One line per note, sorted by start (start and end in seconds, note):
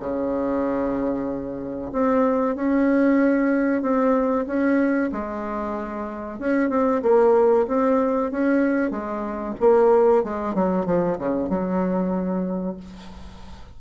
0.00 1.91 C#3
1.93 2.56 C4
2.56 3.82 C#4
3.82 4.46 C4
4.47 5.11 C#4
5.12 6.40 G#3
6.40 6.70 C#4
6.70 7.02 C4
7.03 7.67 A#3
7.68 8.32 C4
8.32 8.91 C#4
8.91 9.55 G#3
9.60 10.24 A#3
10.24 10.55 G#3
10.55 10.86 F#3
10.86 11.18 F3
11.19 11.50 C#3
11.50 12.77 F#3